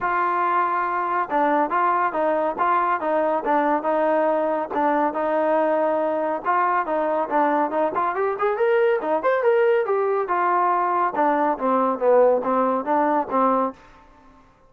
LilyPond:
\new Staff \with { instrumentName = "trombone" } { \time 4/4 \tempo 4 = 140 f'2. d'4 | f'4 dis'4 f'4 dis'4 | d'4 dis'2 d'4 | dis'2. f'4 |
dis'4 d'4 dis'8 f'8 g'8 gis'8 | ais'4 dis'8 c''8 ais'4 g'4 | f'2 d'4 c'4 | b4 c'4 d'4 c'4 | }